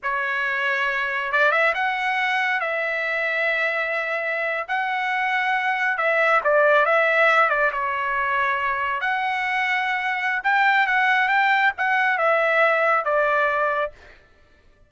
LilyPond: \new Staff \with { instrumentName = "trumpet" } { \time 4/4 \tempo 4 = 138 cis''2. d''8 e''8 | fis''2 e''2~ | e''2~ e''8. fis''4~ fis''16~ | fis''4.~ fis''16 e''4 d''4 e''16~ |
e''4~ e''16 d''8 cis''2~ cis''16~ | cis''8. fis''2.~ fis''16 | g''4 fis''4 g''4 fis''4 | e''2 d''2 | }